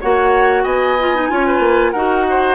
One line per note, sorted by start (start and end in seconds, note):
0.00 0.64 A#3
0.00 0.98 F#4
0.00 0.63 C#5
0.00 0.63 F#5
0.63 1.28 B3
0.63 1.27 D#5
0.63 1.91 G#5
0.99 1.15 F4
1.15 1.29 D#4
1.29 1.59 C#4
1.29 1.94 F4
1.29 1.46 C#5
1.46 1.92 B4
1.59 1.91 A#3
1.91 2.54 D#4
1.91 2.54 F#4
1.91 2.24 A#4
1.91 2.54 F#5
2.29 2.54 C5